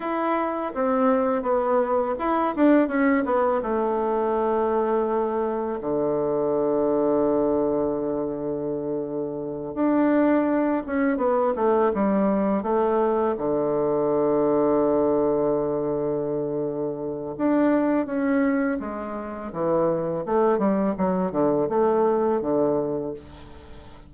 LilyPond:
\new Staff \with { instrumentName = "bassoon" } { \time 4/4 \tempo 4 = 83 e'4 c'4 b4 e'8 d'8 | cis'8 b8 a2. | d1~ | d4. d'4. cis'8 b8 |
a8 g4 a4 d4.~ | d1 | d'4 cis'4 gis4 e4 | a8 g8 fis8 d8 a4 d4 | }